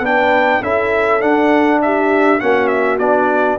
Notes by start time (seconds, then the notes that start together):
0.00 B3 D4 B4 G5
0.62 C#4 E4 A4 E5
1.21 D4 F#5
1.82 G4 E5
2.40 A#3 C#4 F#4 F#5
2.68 E5
2.99 B3 D4 D5